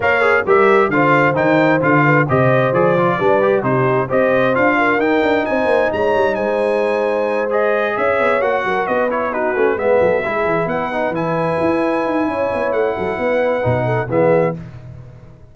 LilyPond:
<<
  \new Staff \with { instrumentName = "trumpet" } { \time 4/4 \tempo 4 = 132 f''4 e''4 f''4 g''4 | f''4 dis''4 d''2 | c''4 dis''4 f''4 g''4 | gis''4 ais''4 gis''2~ |
gis''8 dis''4 e''4 fis''4 dis''8 | cis''8 b'4 e''2 fis''8~ | fis''8 gis''2.~ gis''8 | fis''2. e''4 | }
  \new Staff \with { instrumentName = "horn" } { \time 4/4 cis''4 ais'4 c''2~ | c''8 b'8 c''2 b'4 | g'4 c''4. ais'4. | c''4 cis''4 c''2~ |
c''4. cis''4. ais'8 b'8~ | b'8 fis'4 b'8 a'8 gis'4 b'8~ | b'2. cis''4~ | cis''8 a'8 b'4. a'8 gis'4 | }
  \new Staff \with { instrumentName = "trombone" } { \time 4/4 ais'8 gis'8 g'4 f'4 dis'4 | f'4 g'4 gis'8 f'8 d'8 g'8 | dis'4 g'4 f'4 dis'4~ | dis'1~ |
dis'8 gis'2 fis'4. | e'8 dis'8 cis'8 b4 e'4. | dis'8 e'2.~ e'8~ | e'2 dis'4 b4 | }
  \new Staff \with { instrumentName = "tuba" } { \time 4/4 ais4 g4 d4 dis4 | d4 c4 f4 g4 | c4 c'4 d'4 dis'8 d'8 | c'8 ais8 gis8 g8 gis2~ |
gis4. cis'8 b8 ais8 fis8 b8~ | b4 a8 gis8 fis8 gis8 e8 b8~ | b8 e4 e'4 dis'8 cis'8 b8 | a8 fis8 b4 b,4 e4 | }
>>